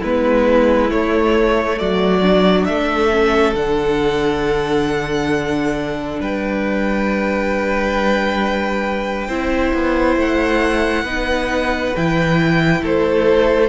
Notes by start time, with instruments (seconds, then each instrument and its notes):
0.00 cello G#3, viola B3, violin E4 B4
0.90 viola A3, cello A3, violin C#5
1.79 cello F#3, violin F#4 D5
2.23 viola D4
2.65 cello A3, violin A4 E5
3.11 viola C#4
3.54 cello D3, viola D4, violin F#5
6.20 cello G3, violin B4 G5
9.28 cello C4, viola E4, violin C5
9.74 cello B3
10.17 cello A3, violin F#5
11.04 cello B3, viola D#4, violin B4
11.96 cello E3, viola E4, violin G5
12.82 cello A3, violin A4 C5